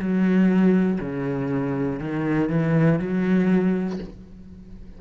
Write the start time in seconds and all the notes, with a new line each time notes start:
0.00 F#3
1.01 C#3
2.00 D#3
2.50 E3
3.00 F#3